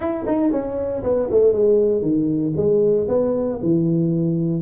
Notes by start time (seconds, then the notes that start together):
0.00 E4
0.26 D#4
0.51 C#4
1.03 B3
1.30 A3
1.52 G#3
2.02 D#3
2.56 G#3
3.08 B3
3.62 E3